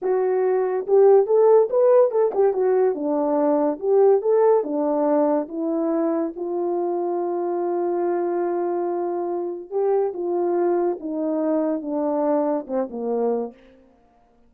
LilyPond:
\new Staff \with { instrumentName = "horn" } { \time 4/4 \tempo 4 = 142 fis'2 g'4 a'4 | b'4 a'8 g'8 fis'4 d'4~ | d'4 g'4 a'4 d'4~ | d'4 e'2 f'4~ |
f'1~ | f'2. g'4 | f'2 dis'2 | d'2 c'8 ais4. | }